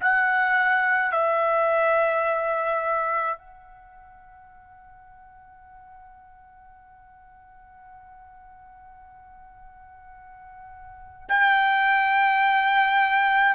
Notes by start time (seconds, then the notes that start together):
0.00 F#5
1.11 E5
3.38 F#5
11.28 G5